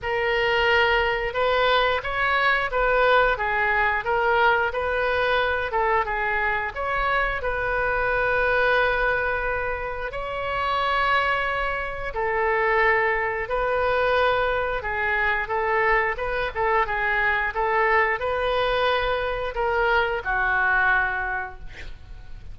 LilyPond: \new Staff \with { instrumentName = "oboe" } { \time 4/4 \tempo 4 = 89 ais'2 b'4 cis''4 | b'4 gis'4 ais'4 b'4~ | b'8 a'8 gis'4 cis''4 b'4~ | b'2. cis''4~ |
cis''2 a'2 | b'2 gis'4 a'4 | b'8 a'8 gis'4 a'4 b'4~ | b'4 ais'4 fis'2 | }